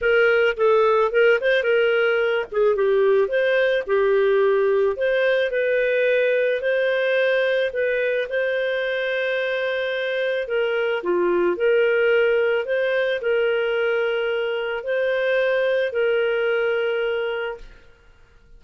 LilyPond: \new Staff \with { instrumentName = "clarinet" } { \time 4/4 \tempo 4 = 109 ais'4 a'4 ais'8 c''8 ais'4~ | ais'8 gis'8 g'4 c''4 g'4~ | g'4 c''4 b'2 | c''2 b'4 c''4~ |
c''2. ais'4 | f'4 ais'2 c''4 | ais'2. c''4~ | c''4 ais'2. | }